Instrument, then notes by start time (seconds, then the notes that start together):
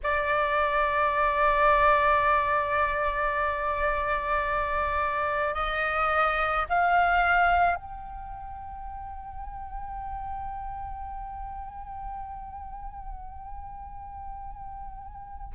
flute
0.03 D5
5.54 D#5
6.69 F5
7.75 G5